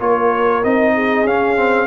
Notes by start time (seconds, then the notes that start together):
0.00 A#3 F4 A#4 C#5
0.63 C4 D#4 D#5
0.94 G#4
1.24 C#4 F5
1.56 C4